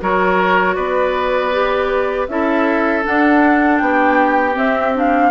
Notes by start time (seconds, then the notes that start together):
0.00 F#3 F#4 A#4 C#5
0.74 B3 B4 D5
1.52 G4
2.28 C#4 E4 A4 E5
3.03 D4 F#5
3.78 B3 G4 G5
4.52 C4 E5
4.94 D4 F5